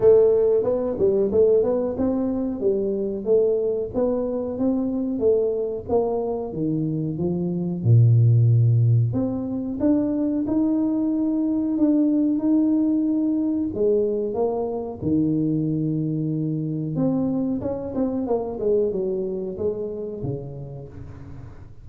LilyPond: \new Staff \with { instrumentName = "tuba" } { \time 4/4 \tempo 4 = 92 a4 b8 g8 a8 b8 c'4 | g4 a4 b4 c'4 | a4 ais4 dis4 f4 | ais,2 c'4 d'4 |
dis'2 d'4 dis'4~ | dis'4 gis4 ais4 dis4~ | dis2 c'4 cis'8 c'8 | ais8 gis8 fis4 gis4 cis4 | }